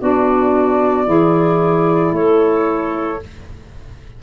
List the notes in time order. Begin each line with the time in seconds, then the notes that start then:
0.00 B3 D4 F#4 D5
1.05 E3 E4 G#4
2.12 A3 A4 C#5